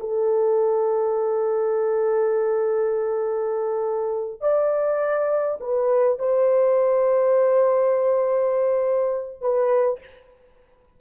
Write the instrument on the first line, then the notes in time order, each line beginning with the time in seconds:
horn
0.00 A4
4.40 D5
5.60 B4
6.19 C5
9.41 B4